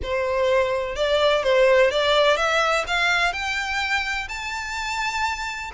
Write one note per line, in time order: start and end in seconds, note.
0.03 0.95 C5
0.95 1.43 D5
1.43 1.90 C5
1.90 2.37 D5
2.37 2.84 E5
2.87 3.32 F5
3.32 4.27 G5
4.28 5.71 A5